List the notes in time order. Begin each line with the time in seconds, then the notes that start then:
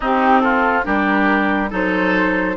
0.00 C4 D#4 G4
0.40 F4 A4
0.84 G3 D4 G4 A#4
1.70 F#3 D#4 A4 C5